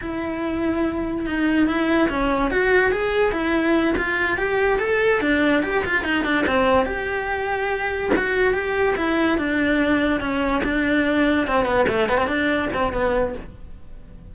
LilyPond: \new Staff \with { instrumentName = "cello" } { \time 4/4 \tempo 4 = 144 e'2. dis'4 | e'4 cis'4 fis'4 gis'4 | e'4. f'4 g'4 a'8~ | a'8 d'4 g'8 f'8 dis'8 d'8 c'8~ |
c'8 g'2. fis'8~ | fis'8 g'4 e'4 d'4.~ | d'8 cis'4 d'2 c'8 | b8 a8 b16 c'16 d'4 c'8 b4 | }